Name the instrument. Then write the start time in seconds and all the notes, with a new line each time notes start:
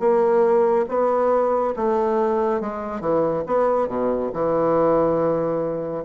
bassoon
0.00 A#3
0.89 B3
1.76 A3
2.61 G#3
3.01 E3
3.47 B3
3.88 B2
4.33 E3